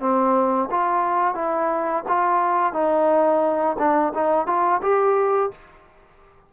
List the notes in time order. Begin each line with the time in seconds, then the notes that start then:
0.00 C4
0.71 F4
1.35 E4
2.08 F4
2.73 D#4
3.79 D4
4.14 D#4
4.47 F4
4.82 G4